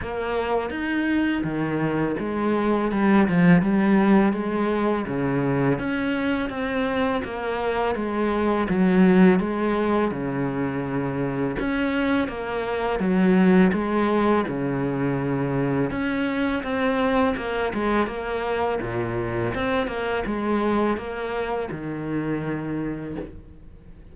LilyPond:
\new Staff \with { instrumentName = "cello" } { \time 4/4 \tempo 4 = 83 ais4 dis'4 dis4 gis4 | g8 f8 g4 gis4 cis4 | cis'4 c'4 ais4 gis4 | fis4 gis4 cis2 |
cis'4 ais4 fis4 gis4 | cis2 cis'4 c'4 | ais8 gis8 ais4 ais,4 c'8 ais8 | gis4 ais4 dis2 | }